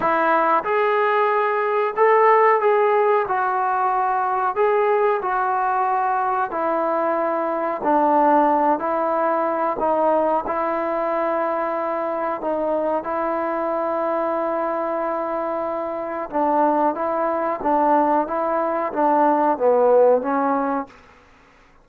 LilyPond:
\new Staff \with { instrumentName = "trombone" } { \time 4/4 \tempo 4 = 92 e'4 gis'2 a'4 | gis'4 fis'2 gis'4 | fis'2 e'2 | d'4. e'4. dis'4 |
e'2. dis'4 | e'1~ | e'4 d'4 e'4 d'4 | e'4 d'4 b4 cis'4 | }